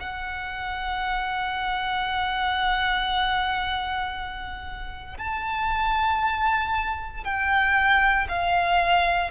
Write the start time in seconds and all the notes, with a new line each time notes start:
0.00 F#5
5.18 A5
7.24 G5
8.29 F5